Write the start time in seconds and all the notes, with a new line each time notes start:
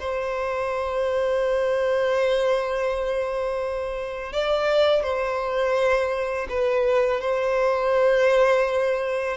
0.00 C5
4.33 D5
5.03 C5
6.50 B4
7.21 C5